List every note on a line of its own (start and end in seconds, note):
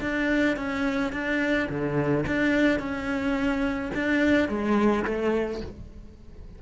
0.00 0.56 D4
0.56 1.12 C#4
1.12 1.68 D4
1.69 2.25 D3
2.26 2.79 D4
2.79 3.91 C#4
3.94 4.48 D4
4.48 5.04 G#3
5.05 5.61 A3